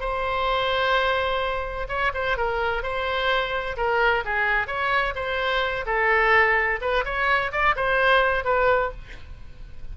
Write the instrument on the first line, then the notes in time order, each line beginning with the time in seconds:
oboe
0.00 C5
1.88 C#5
2.14 C5
2.37 A#4
2.83 C5
3.77 A#4
4.25 G#4
4.67 C#5
5.15 C5
5.86 A4
6.81 B4
7.05 C#5
7.52 D5
7.76 C5
8.44 B4